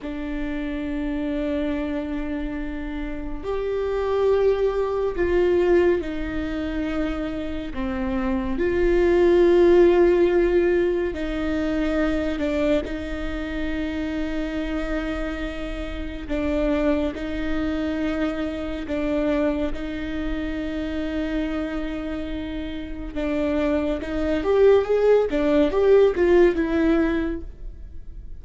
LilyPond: \new Staff \with { instrumentName = "viola" } { \time 4/4 \tempo 4 = 70 d'1 | g'2 f'4 dis'4~ | dis'4 c'4 f'2~ | f'4 dis'4. d'8 dis'4~ |
dis'2. d'4 | dis'2 d'4 dis'4~ | dis'2. d'4 | dis'8 g'8 gis'8 d'8 g'8 f'8 e'4 | }